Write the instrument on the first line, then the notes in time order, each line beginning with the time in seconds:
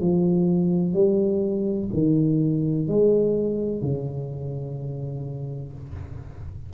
tuba
0.00 F3
0.93 G3
1.93 D#3
2.87 G#3
3.81 C#3